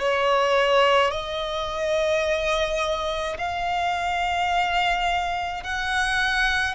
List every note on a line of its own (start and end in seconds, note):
0.00 1.11 C#5
1.11 3.38 D#5
3.38 5.63 F5
5.63 6.75 F#5